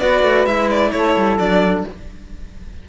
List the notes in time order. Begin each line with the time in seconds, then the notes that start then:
0.00 B3 F#4 B4 D5
0.23 A3
0.46 G#3 E4 E5
0.71 D5
0.92 A3 A4 C#5
1.17 G3
1.38 F#3 D4 D5